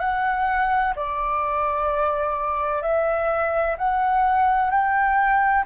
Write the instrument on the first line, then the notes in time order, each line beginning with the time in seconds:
flute
0.00 F#5
0.96 D5
2.83 E5
3.78 F#5
4.71 G5